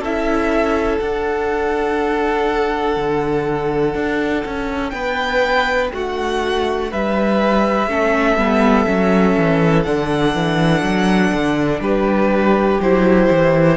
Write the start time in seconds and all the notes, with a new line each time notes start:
0.00 C#4 E4 A4 E5
0.99 D4 F#5
2.97 D3
3.95 D4
4.45 C#4
4.90 B3 B4 G5
5.94 A3 F#4 F#5
6.92 G3 B4 E5
7.88 A3 C#4 A4
8.36 G3 B3
8.86 F#3 C#4
9.37 E3
9.83 D3 D4 F#5
10.35 E3
10.82 F#3
11.34 D3
11.80 G3 G4 B4
12.81 F#3 E4 C5
13.31 E3